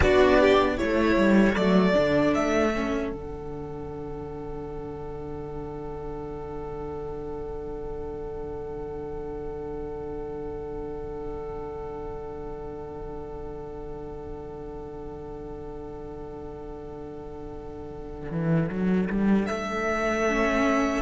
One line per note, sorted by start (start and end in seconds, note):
0.00 0.78 B3
0.00 0.77 D4
0.00 0.40 F#4
0.00 0.77 D5
0.40 0.76 G4
0.76 1.16 A3
0.76 1.55 E4
0.76 21.02 A4
0.76 1.55 C#5
1.16 1.55 G3
1.55 1.94 F#3
1.55 1.93 A3
1.55 2.33 D5
1.93 2.34 D3
1.93 2.71 D4
2.34 3.11 A3
2.34 3.12 E5
2.75 3.13 C#4
3.11 18.31 D3
3.11 20.28 D4
3.11 19.46 F#5
18.31 18.69 E3
18.69 19.08 F#3
19.10 19.48 G3
19.46 21.02 A3
19.46 21.02 E5
20.28 21.02 C#4